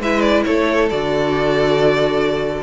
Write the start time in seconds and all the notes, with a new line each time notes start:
0.00 G#3 E4 B4 E5
0.21 D5
0.45 A3 A4 C#5
0.90 D3 F#4 D5